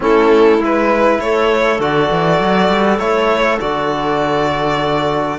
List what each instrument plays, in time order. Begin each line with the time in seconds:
0.00 cello A3, trombone C#4, clarinet E4, violin A4
0.58 cello G#3, trombone E4, violin B4
1.19 cello A3, clarinet A4, violin C#5
1.79 cello D3, trombone F#4, violin D5
2.10 cello E3
2.40 cello F#3
2.69 cello G3
2.98 cello A3, trombone E4, violin C#5
3.60 cello D3, trombone F#4, violin D5